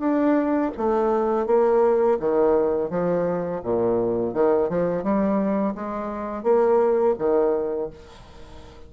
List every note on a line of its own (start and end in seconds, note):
0.00 0.71 D4
0.78 1.47 A3
1.47 2.18 A#3
2.20 2.90 D#3
2.90 3.62 F3
3.64 4.34 A#2
4.34 4.69 D#3
4.69 5.03 F3
5.03 5.75 G3
5.75 6.44 G#3
6.44 7.15 A#3
7.19 7.90 D#3